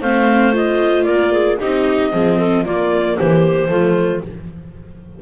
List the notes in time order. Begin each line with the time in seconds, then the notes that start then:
0.00 A3 C4 C5 F5
0.52 F4 D#5
1.04 A#3 A#4 D5
1.32 G#4
1.59 C4 D#4 G4 D#5
2.12 F3 C4 G#4
2.37 A4
2.65 A#3 F4 D5
3.16 E3 G4 C5
3.68 F3 A3 F4